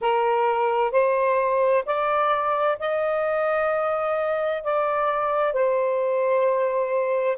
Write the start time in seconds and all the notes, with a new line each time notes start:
0.01 A#4
0.91 C5
1.85 D5
2.79 D#5
4.63 D5
5.53 C5